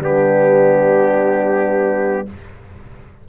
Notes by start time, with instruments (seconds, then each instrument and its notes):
0.00 tuba G3, trombone B3, horn D4, trumpet G4